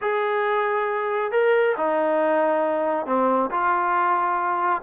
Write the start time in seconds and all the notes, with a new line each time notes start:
0.01 G#4
1.31 A#4
1.77 D#4
3.06 C4
3.50 F4